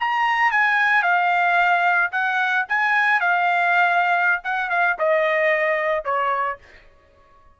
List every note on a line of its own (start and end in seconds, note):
0.00 0.51 A#5
0.51 1.02 G#5
1.02 2.11 F5
2.12 2.66 F#5
2.69 3.20 G#5
3.20 4.42 F5
4.44 4.70 F#5
4.70 4.97 F5
4.98 6.04 D#5
6.04 6.58 C#5